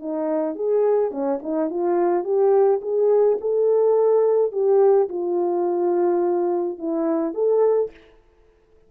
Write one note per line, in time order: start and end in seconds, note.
0.00 0.56 D#4
0.56 1.11 G#4
1.11 1.40 C#4
1.43 1.71 D#4
1.71 2.24 F4
2.24 2.81 G4
2.82 3.39 G#4
3.41 4.53 A4
4.53 5.09 G4
5.09 6.79 F4
6.79 7.35 E4
7.35 7.91 A4